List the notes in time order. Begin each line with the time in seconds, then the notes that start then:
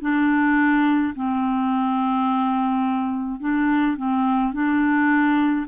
0.00 D4
1.15 C4
3.40 D4
3.96 C4
4.53 D4